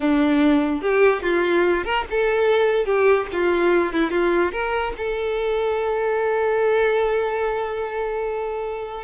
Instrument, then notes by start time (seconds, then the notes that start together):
violin
0.00 D4
0.81 G4
1.22 F4
1.84 A#4
2.10 A4
2.85 G4
3.32 F4
3.92 E4
4.10 F4
4.52 A#4
4.97 A4